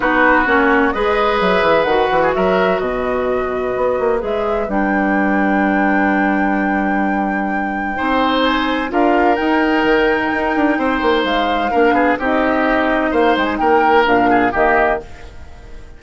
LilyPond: <<
  \new Staff \with { instrumentName = "flute" } { \time 4/4 \tempo 4 = 128 b'4 cis''4 dis''4 e''4 | fis''4 e''4 dis''2~ | dis''4 e''4 g''2~ | g''1~ |
g''2 gis''4 f''4 | g''1 | f''2 dis''2 | f''8 g''16 gis''16 g''4 f''4 dis''4 | }
  \new Staff \with { instrumentName = "oboe" } { \time 4/4 fis'2 b'2~ | b'8. gis'16 ais'4 b'2~ | b'1~ | b'1~ |
b'4 c''2 ais'4~ | ais'2. c''4~ | c''4 ais'8 gis'8 g'2 | c''4 ais'4. gis'8 g'4 | }
  \new Staff \with { instrumentName = "clarinet" } { \time 4/4 dis'4 cis'4 gis'2 | fis'1~ | fis'4 gis'4 d'2~ | d'1~ |
d'4 dis'2 f'4 | dis'1~ | dis'4 d'4 dis'2~ | dis'2 d'4 ais4 | }
  \new Staff \with { instrumentName = "bassoon" } { \time 4/4 b4 ais4 gis4 fis8 e8 | dis8 e8 fis4 b,2 | b8 ais8 gis4 g2~ | g1~ |
g4 c'2 d'4 | dis'4 dis4 dis'8 d'8 c'8 ais8 | gis4 ais8 b8 c'2 | ais8 gis8 ais4 ais,4 dis4 | }
>>